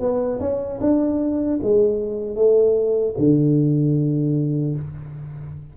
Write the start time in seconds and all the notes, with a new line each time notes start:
0.00 B3
0.41 C#4
0.81 D4
1.63 G#3
2.36 A3
3.18 D3